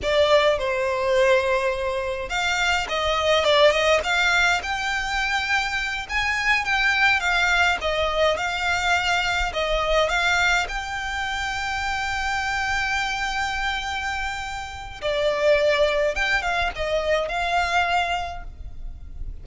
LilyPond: \new Staff \with { instrumentName = "violin" } { \time 4/4 \tempo 4 = 104 d''4 c''2. | f''4 dis''4 d''8 dis''8 f''4 | g''2~ g''8 gis''4 g''8~ | g''8 f''4 dis''4 f''4.~ |
f''8 dis''4 f''4 g''4.~ | g''1~ | g''2 d''2 | g''8 f''8 dis''4 f''2 | }